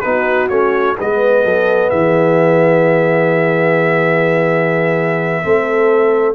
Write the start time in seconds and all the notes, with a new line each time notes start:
0.00 B3 D#4 F#4 B4
0.48 A3 C#4 C#5
0.97 G#3 B3 B4 D#5
1.44 F#3 A4
1.89 E3 G#4 E5
5.43 A3 C4 A4